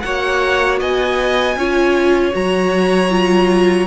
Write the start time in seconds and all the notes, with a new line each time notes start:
0.00 A#3 F#4 C#5 F#5
0.79 B3 D#5 G#5
1.56 C#4 F4 C#5
2.32 F#3 F#4 A#5
3.10 F4